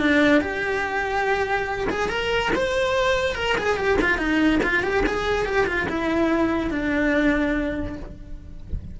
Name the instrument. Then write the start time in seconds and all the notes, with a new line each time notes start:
cello
0.00 D4
0.41 G4
1.90 G#4
2.09 A#4
2.56 C5
3.35 A#4
3.58 G#4
3.77 G4
4.01 F4
4.18 D#4
4.63 F4
4.83 G4
5.06 G#4
5.45 G4
5.67 F4
5.89 E4
6.71 D4